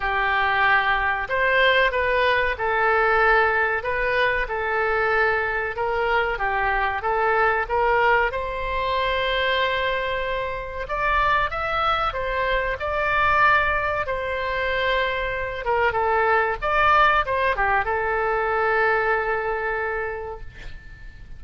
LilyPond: \new Staff \with { instrumentName = "oboe" } { \time 4/4 \tempo 4 = 94 g'2 c''4 b'4 | a'2 b'4 a'4~ | a'4 ais'4 g'4 a'4 | ais'4 c''2.~ |
c''4 d''4 e''4 c''4 | d''2 c''2~ | c''8 ais'8 a'4 d''4 c''8 g'8 | a'1 | }